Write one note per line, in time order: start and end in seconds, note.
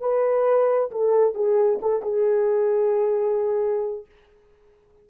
0.00 0.90 B4
0.90 1.34 A4
1.34 1.79 G#4
1.81 2.02 A4
2.02 4.05 G#4